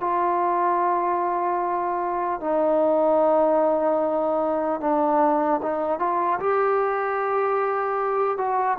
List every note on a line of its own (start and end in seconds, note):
0.00 2.40 F4
2.40 4.80 D#4
4.80 5.60 D4
5.62 5.99 D#4
5.99 6.39 F4
6.39 8.37 G4
8.37 8.77 F#4